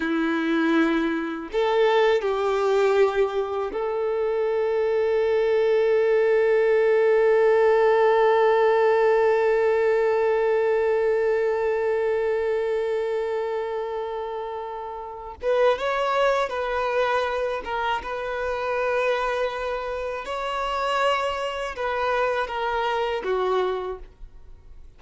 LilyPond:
\new Staff \with { instrumentName = "violin" } { \time 4/4 \tempo 4 = 80 e'2 a'4 g'4~ | g'4 a'2.~ | a'1~ | a'1~ |
a'1~ | a'8 b'8 cis''4 b'4. ais'8 | b'2. cis''4~ | cis''4 b'4 ais'4 fis'4 | }